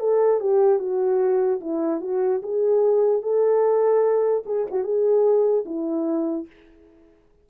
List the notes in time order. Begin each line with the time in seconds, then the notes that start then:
0.00 A4
0.41 G4
0.79 F#4
1.61 E4
2.01 F#4
2.43 G#4
3.22 A4
4.46 G#4
4.71 F#4
4.84 G#4
5.66 E4